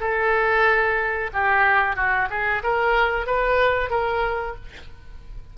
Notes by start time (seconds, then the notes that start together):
0.00 A4
1.33 G4
1.96 F#4
2.30 G#4
2.63 A#4
3.26 B4
3.90 A#4